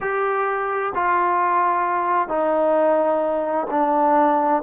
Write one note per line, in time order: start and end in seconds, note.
0.00 0.93 G4
0.94 2.28 F4
2.28 3.66 D#4
3.70 4.62 D4